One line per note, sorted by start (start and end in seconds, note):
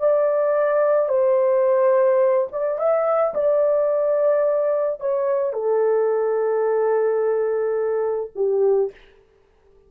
0.00 1.09 D5
1.09 2.48 C5
2.53 2.79 D5
2.79 3.34 E5
3.35 5.01 D5
5.01 5.53 C#5
5.53 8.31 A4
8.36 8.91 G4